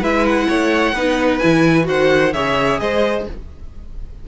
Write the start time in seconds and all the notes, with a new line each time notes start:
0.00 G#3 E4 B4 E5
0.26 F#5
0.48 A3 C#5
0.92 B3 D#4 B4
1.38 E3 E4 G#5
1.83 D#3 F#4 C5 F#5
2.33 C#3 G#4 C#5 E5
2.79 G#3 C5 D#5